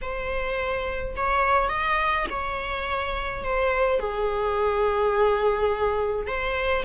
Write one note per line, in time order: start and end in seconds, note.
0.01 1.15 C5
1.16 1.69 C#5
1.69 2.26 D#5
2.30 3.43 C#5
3.43 3.99 C5
3.99 6.27 G#4
6.27 6.84 C5